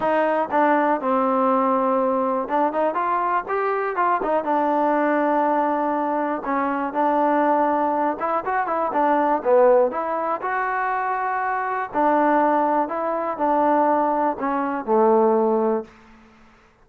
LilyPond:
\new Staff \with { instrumentName = "trombone" } { \time 4/4 \tempo 4 = 121 dis'4 d'4 c'2~ | c'4 d'8 dis'8 f'4 g'4 | f'8 dis'8 d'2.~ | d'4 cis'4 d'2~ |
d'8 e'8 fis'8 e'8 d'4 b4 | e'4 fis'2. | d'2 e'4 d'4~ | d'4 cis'4 a2 | }